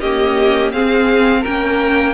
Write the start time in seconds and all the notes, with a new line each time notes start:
0.00 A#3 C#4 G4 D#5
0.72 C4 G#4 F5
1.41 A#3 C#4 A#4 G5